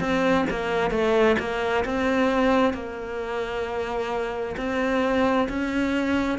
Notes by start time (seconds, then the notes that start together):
0.00 C4
0.50 A#3
0.91 A3
1.39 A#3
1.85 C4
2.74 A#3
4.57 C4
5.49 C#4